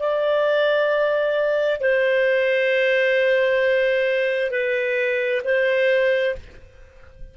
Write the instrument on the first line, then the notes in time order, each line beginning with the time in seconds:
clarinet
0.00 D5
1.81 C5
4.51 B4
5.45 C5